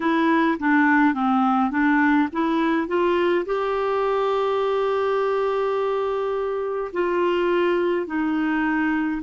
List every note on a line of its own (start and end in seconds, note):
0.00 0.58 E4
0.59 1.13 D4
1.13 1.70 C4
1.70 2.28 D4
2.32 2.87 E4
2.87 3.45 F4
3.45 6.91 G4
6.92 8.06 F4
8.06 9.22 D#4